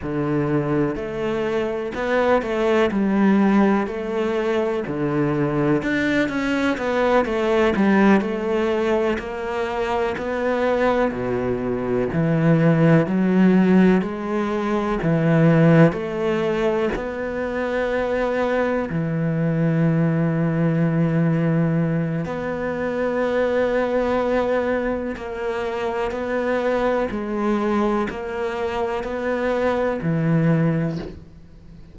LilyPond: \new Staff \with { instrumentName = "cello" } { \time 4/4 \tempo 4 = 62 d4 a4 b8 a8 g4 | a4 d4 d'8 cis'8 b8 a8 | g8 a4 ais4 b4 b,8~ | b,8 e4 fis4 gis4 e8~ |
e8 a4 b2 e8~ | e2. b4~ | b2 ais4 b4 | gis4 ais4 b4 e4 | }